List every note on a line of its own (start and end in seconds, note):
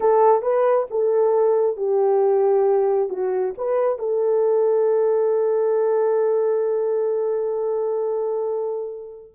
0.00 0.42 A4
0.42 0.86 B4
0.90 1.77 A4
1.77 3.09 G4
3.09 3.53 F#4
3.57 3.98 B4
3.98 9.32 A4